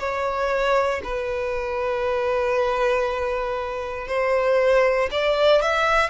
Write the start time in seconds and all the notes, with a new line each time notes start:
0.00 C#5
1.04 B4
4.08 C5
5.12 D5
5.62 E5